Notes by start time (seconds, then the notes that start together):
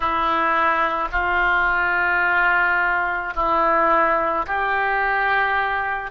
0.00 E4
1.12 F4
3.34 E4
4.46 G4